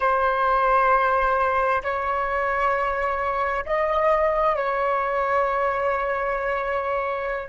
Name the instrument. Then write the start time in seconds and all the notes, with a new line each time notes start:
flute
0.00 C5
1.83 C#5
3.65 D#5
4.55 C#5